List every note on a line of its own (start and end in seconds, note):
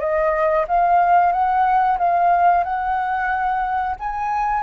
0.00 0.66 D#5
0.68 1.32 F5
1.32 1.98 F#5
1.98 2.64 F5
2.64 3.96 F#5
4.00 4.63 G#5